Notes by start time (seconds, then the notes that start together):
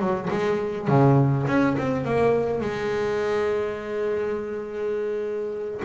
0.00 F#3
0.31 G#3
0.88 C#3
1.47 C#4
1.78 C4
2.05 A#3
2.61 G#3